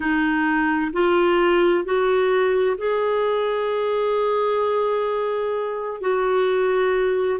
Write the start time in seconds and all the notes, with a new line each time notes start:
0.00 D#4
0.92 F4
1.84 F#4
2.77 G#4
6.00 F#4